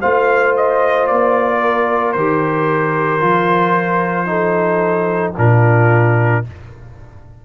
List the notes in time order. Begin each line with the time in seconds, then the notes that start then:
0.00 A3 F4 C5 F5
0.56 D#5
1.07 A#3 D5
1.60 A#4
2.12 D#3 G4 C5
3.20 F3 F4
4.26 D#4 A4
5.37 A#2 D4 F4 A#4